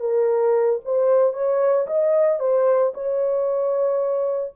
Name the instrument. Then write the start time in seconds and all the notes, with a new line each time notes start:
horn
0.00 A#4
0.85 C5
1.33 C#5
1.87 D#5
2.40 C5
2.94 C#5